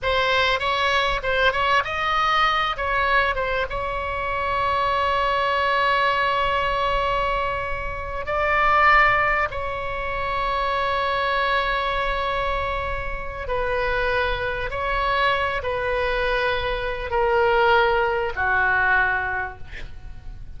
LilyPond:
\new Staff \with { instrumentName = "oboe" } { \time 4/4 \tempo 4 = 98 c''4 cis''4 c''8 cis''8 dis''4~ | dis''8 cis''4 c''8 cis''2~ | cis''1~ | cis''4. d''2 cis''8~ |
cis''1~ | cis''2 b'2 | cis''4. b'2~ b'8 | ais'2 fis'2 | }